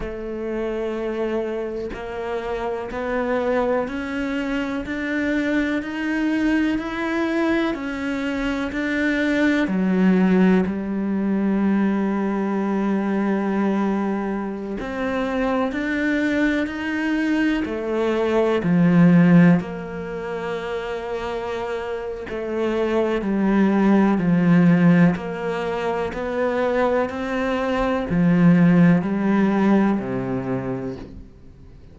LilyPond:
\new Staff \with { instrumentName = "cello" } { \time 4/4 \tempo 4 = 62 a2 ais4 b4 | cis'4 d'4 dis'4 e'4 | cis'4 d'4 fis4 g4~ | g2.~ g16 c'8.~ |
c'16 d'4 dis'4 a4 f8.~ | f16 ais2~ ais8. a4 | g4 f4 ais4 b4 | c'4 f4 g4 c4 | }